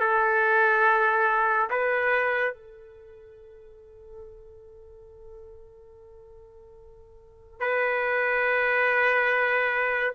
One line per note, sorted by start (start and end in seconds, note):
0.00 1.69 A4
1.70 2.54 B4
2.54 7.60 A4
7.60 10.14 B4